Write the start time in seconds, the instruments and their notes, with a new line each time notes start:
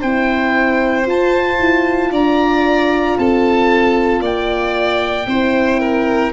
0.00 tuba C4, horn E4, violin C5, oboe G5
1.05 horn F4, tuba F4, oboe A5
1.59 tuba E4
2.11 tuba D4, violin D5, oboe A#5
3.18 tuba C4, violin A4, oboe A5
4.20 tuba A#3, violin D5, oboe G5
5.27 tuba C4, horn E4, violin C5
5.80 violin A#4